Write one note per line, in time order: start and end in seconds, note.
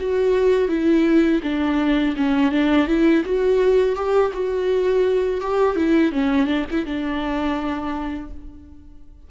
0.00 0.69 F#4
0.69 1.41 E4
1.43 2.16 D4
2.17 2.52 C#4
2.52 2.88 D4
2.88 3.24 E4
3.25 3.96 F#4
3.96 4.32 G4
4.33 5.41 F#4
5.41 5.76 G4
5.76 6.12 E4
6.12 6.47 C#4
6.47 6.65 D4
6.71 6.86 E4
6.86 8.31 D4